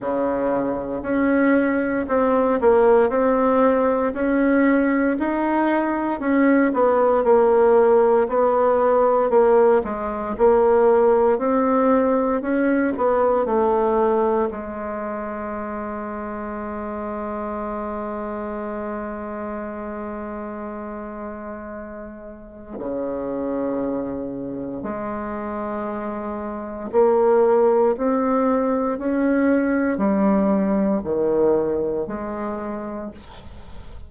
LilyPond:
\new Staff \with { instrumentName = "bassoon" } { \time 4/4 \tempo 4 = 58 cis4 cis'4 c'8 ais8 c'4 | cis'4 dis'4 cis'8 b8 ais4 | b4 ais8 gis8 ais4 c'4 | cis'8 b8 a4 gis2~ |
gis1~ | gis2 cis2 | gis2 ais4 c'4 | cis'4 g4 dis4 gis4 | }